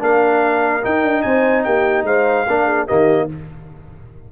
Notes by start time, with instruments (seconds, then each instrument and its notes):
0.00 tuba A#3, trombone D4, horn A#4, trumpet F5
0.83 trombone D#4, tuba D#4, trumpet G5
1.04 tuba D4
1.22 tuba C4, horn C5, trumpet G#5
1.64 tuba A#3, horn G4, trumpet G5
2.04 tuba G#3, horn C5, trumpet F5
2.47 tuba A#3, trombone D4, horn A#4
2.66 horn G#4
2.87 tuba D#3, trombone A#3, horn G4, trumpet D#5